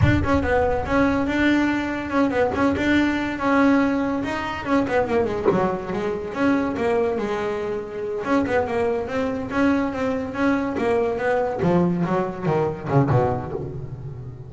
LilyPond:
\new Staff \with { instrumentName = "double bass" } { \time 4/4 \tempo 4 = 142 d'8 cis'8 b4 cis'4 d'4~ | d'4 cis'8 b8 cis'8 d'4. | cis'2 dis'4 cis'8 b8 | ais8 gis8 fis4 gis4 cis'4 |
ais4 gis2~ gis8 cis'8 | b8 ais4 c'4 cis'4 c'8~ | c'8 cis'4 ais4 b4 f8~ | f8 fis4 dis4 cis8 b,4 | }